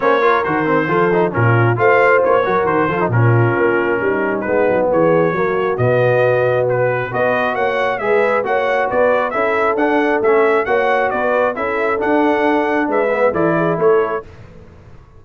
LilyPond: <<
  \new Staff \with { instrumentName = "trumpet" } { \time 4/4 \tempo 4 = 135 cis''4 c''2 ais'4 | f''4 cis''4 c''4 ais'4~ | ais'2 b'4 cis''4~ | cis''4 dis''2 b'4 |
dis''4 fis''4 e''4 fis''4 | d''4 e''4 fis''4 e''4 | fis''4 d''4 e''4 fis''4~ | fis''4 e''4 d''4 cis''4 | }
  \new Staff \with { instrumentName = "horn" } { \time 4/4 c''8 ais'4. a'4 f'4 | c''4. ais'4 a'8 f'4~ | f'4 dis'2 gis'4 | fis'1 |
b'4 cis''4 b'4 cis''4 | b'4 a'2. | cis''4 b'4 a'2~ | a'4 b'4 a'8 gis'8 a'4 | }
  \new Staff \with { instrumentName = "trombone" } { \time 4/4 cis'8 f'8 fis'8 c'8 f'8 dis'8 cis'4 | f'4. fis'4 f'16 dis'16 cis'4~ | cis'2 b2 | ais4 b2. |
fis'2 gis'4 fis'4~ | fis'4 e'4 d'4 cis'4 | fis'2 e'4 d'4~ | d'4. b8 e'2 | }
  \new Staff \with { instrumentName = "tuba" } { \time 4/4 ais4 dis4 f4 ais,4 | a4 ais8 fis8 dis8 f8 ais,4 | ais4 g4 gis8 fis8 e4 | fis4 b,2. |
b4 ais4 gis4 ais4 | b4 cis'4 d'4 a4 | ais4 b4 cis'4 d'4~ | d'4 gis4 e4 a4 | }
>>